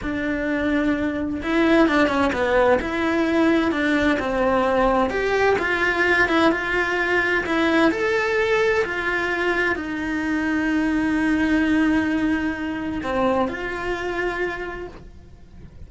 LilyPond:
\new Staff \with { instrumentName = "cello" } { \time 4/4 \tempo 4 = 129 d'2. e'4 | d'8 cis'8 b4 e'2 | d'4 c'2 g'4 | f'4. e'8 f'2 |
e'4 a'2 f'4~ | f'4 dis'2.~ | dis'1 | c'4 f'2. | }